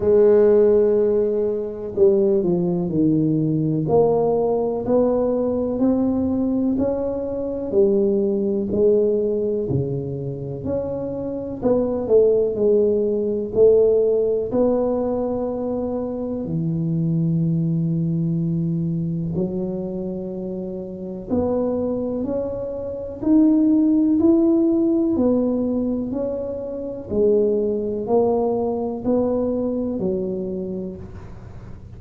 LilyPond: \new Staff \with { instrumentName = "tuba" } { \time 4/4 \tempo 4 = 62 gis2 g8 f8 dis4 | ais4 b4 c'4 cis'4 | g4 gis4 cis4 cis'4 | b8 a8 gis4 a4 b4~ |
b4 e2. | fis2 b4 cis'4 | dis'4 e'4 b4 cis'4 | gis4 ais4 b4 fis4 | }